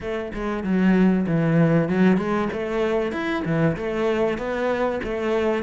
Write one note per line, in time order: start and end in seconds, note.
0.00 0.32 A3
0.33 0.63 G#3
0.63 1.26 F#3
1.26 1.88 E3
1.88 2.17 F#3
2.17 2.48 G#3
2.53 3.12 A3
3.12 3.43 E4
3.45 3.76 E3
3.76 4.38 A3
4.38 5.00 B3
5.03 5.63 A3